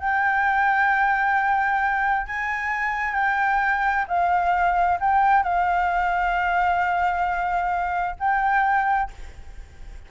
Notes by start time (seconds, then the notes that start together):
0.00 G5
2.27 G#5
3.14 G5
4.08 F5
5.00 G5
5.43 F5
8.20 G5